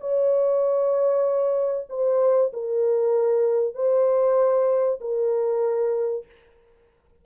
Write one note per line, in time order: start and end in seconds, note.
0.00 1.88 C#5
1.89 2.52 C5
2.53 3.74 A#4
3.74 4.99 C5
5.00 6.25 A#4